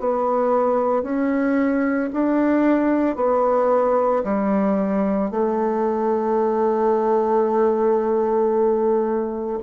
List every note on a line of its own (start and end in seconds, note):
0.00 1.03 B3
1.03 2.10 C#4
2.13 3.16 D4
3.16 4.23 B3
4.24 5.31 G3
5.31 9.59 A3